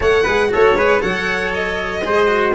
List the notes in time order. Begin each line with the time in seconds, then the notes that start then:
0.00 A3 A4 C#5 F#5
0.23 G#3 G#4 B4
0.48 A3 F#4 A4 C#5
0.74 G#3 G#4 B4
1.00 F#3 A4 C#5 F#5
1.53 D#5
2.04 G#3 G#4 C5
2.27 F#4